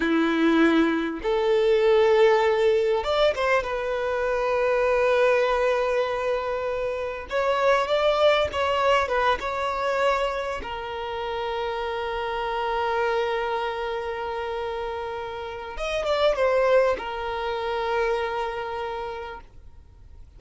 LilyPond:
\new Staff \with { instrumentName = "violin" } { \time 4/4 \tempo 4 = 99 e'2 a'2~ | a'4 d''8 c''8 b'2~ | b'1 | cis''4 d''4 cis''4 b'8 cis''8~ |
cis''4. ais'2~ ais'8~ | ais'1~ | ais'2 dis''8 d''8 c''4 | ais'1 | }